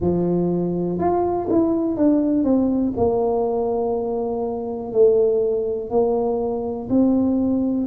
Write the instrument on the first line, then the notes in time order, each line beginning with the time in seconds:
tuba
0.00 F3
0.98 F4
1.49 E4
1.96 D4
2.44 C4
2.96 A#3
4.92 A3
5.90 A#3
6.89 C4